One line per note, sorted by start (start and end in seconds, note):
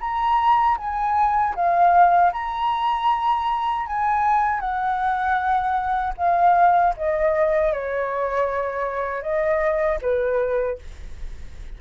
0.00 0.77 A#5
0.77 1.54 G#5
1.55 2.31 F5
2.32 3.86 A#5
3.86 4.59 G#5
4.59 6.13 F#5
6.17 6.94 F5
6.97 7.72 D#5
7.72 9.22 C#5
9.22 9.99 D#5
10.01 10.78 B4